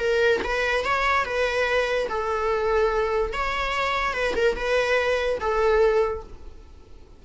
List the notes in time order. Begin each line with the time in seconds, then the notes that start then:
0.00 A#4
0.44 B4
0.85 C#5
1.25 B4
2.09 A4
3.34 C#5
4.14 B4
4.36 A#4
4.56 B4
5.41 A4